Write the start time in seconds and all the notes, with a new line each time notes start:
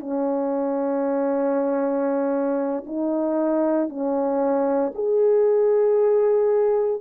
0.00 C#4
2.86 D#4
3.89 C#4
4.95 G#4